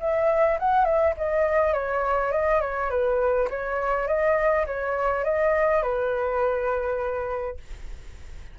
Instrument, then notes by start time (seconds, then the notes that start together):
flute
0.00 E5
0.59 F#5
0.84 E5
1.17 D#5
1.73 C#5
2.31 D#5
2.61 C#5
2.90 B4
3.50 C#5
4.07 D#5
4.66 C#5
5.24 D#5
5.82 B4